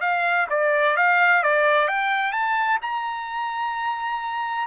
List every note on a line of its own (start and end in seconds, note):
0.00 0.47 F5
0.50 0.96 D5
0.96 1.43 F5
1.43 1.87 D5
1.87 2.32 G5
2.32 2.78 A5
2.81 4.67 A#5